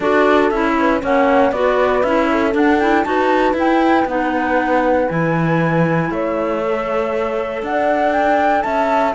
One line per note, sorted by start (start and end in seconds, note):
0.00 0.51 D4
0.00 0.52 F#4
0.00 0.73 A4
0.00 0.49 D5
0.49 1.02 C#4
0.49 1.01 E4
0.49 1.00 E5
0.79 1.02 B4
1.01 1.51 A#3
1.01 1.52 C#4
1.01 1.52 C#5
1.01 1.52 F#5
1.51 2.02 B3
1.51 2.04 F#4
1.51 2.28 B4
1.51 2.02 D5
2.02 2.54 C#4
2.02 2.51 E4
2.02 2.53 E5
2.31 3.07 A4
2.51 2.77 D4
2.51 3.05 D4
2.51 2.79 F#5
2.79 3.04 E4
2.79 3.03 G5
3.03 3.53 D#4
3.03 3.55 F#4
3.03 6.11 B4
3.03 3.54 A5
3.53 4.04 E4
3.53 4.07 E4
3.53 4.08 G5
4.05 5.07 B3
4.05 5.08 D#4
4.05 5.09 F#5
5.09 6.09 E3
5.09 6.61 E4
5.09 6.10 G#5
6.09 7.62 A3
6.09 7.64 C#5
6.09 7.63 E5
6.62 9.14 A4
7.62 8.64 D4
7.62 8.64 D5
7.62 8.12 F#5
8.12 8.62 G5
8.62 9.14 C#4
8.62 9.14 E5
8.62 9.13 A5